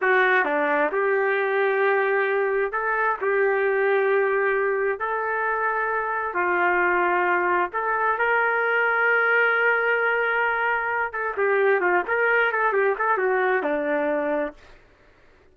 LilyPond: \new Staff \with { instrumentName = "trumpet" } { \time 4/4 \tempo 4 = 132 fis'4 d'4 g'2~ | g'2 a'4 g'4~ | g'2. a'4~ | a'2 f'2~ |
f'4 a'4 ais'2~ | ais'1~ | ais'8 a'8 g'4 f'8 ais'4 a'8 | g'8 a'8 fis'4 d'2 | }